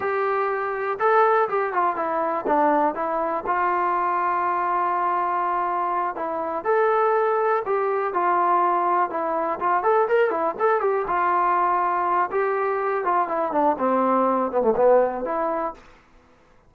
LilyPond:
\new Staff \with { instrumentName = "trombone" } { \time 4/4 \tempo 4 = 122 g'2 a'4 g'8 f'8 | e'4 d'4 e'4 f'4~ | f'1~ | f'8 e'4 a'2 g'8~ |
g'8 f'2 e'4 f'8 | a'8 ais'8 e'8 a'8 g'8 f'4.~ | f'4 g'4. f'8 e'8 d'8 | c'4. b16 a16 b4 e'4 | }